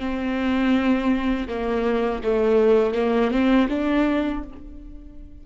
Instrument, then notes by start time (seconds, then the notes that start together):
viola
0.00 C4
1.48 A#3
2.24 A3
2.95 A#3
3.31 C4
3.69 D4